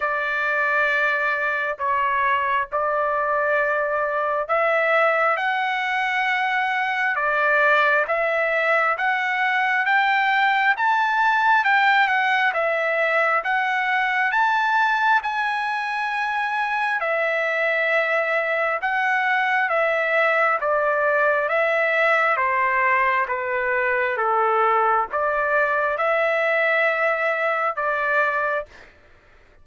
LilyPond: \new Staff \with { instrumentName = "trumpet" } { \time 4/4 \tempo 4 = 67 d''2 cis''4 d''4~ | d''4 e''4 fis''2 | d''4 e''4 fis''4 g''4 | a''4 g''8 fis''8 e''4 fis''4 |
a''4 gis''2 e''4~ | e''4 fis''4 e''4 d''4 | e''4 c''4 b'4 a'4 | d''4 e''2 d''4 | }